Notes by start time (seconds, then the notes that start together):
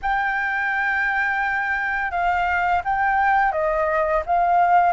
0.02 G5
2.11 F5
2.84 G5
3.52 D#5
4.25 F5